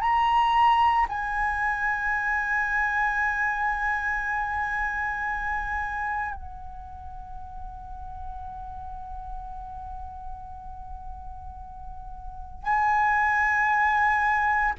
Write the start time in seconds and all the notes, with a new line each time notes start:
0.00 A#5
1.09 G#5
6.35 F#5
12.63 G#5